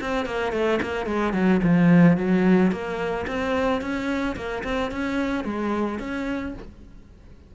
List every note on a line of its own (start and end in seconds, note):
0.00 0.25 C4
0.25 0.52 A#3
0.52 0.80 A3
0.82 1.06 A#3
1.06 1.33 G#3
1.33 1.60 F#3
1.63 2.17 F3
2.17 2.71 F#3
2.71 3.26 A#3
3.27 3.81 C4
3.81 4.35 C#4
4.36 4.63 A#3
4.63 4.91 C4
4.91 5.44 C#4
5.44 5.99 G#3
5.99 6.54 C#4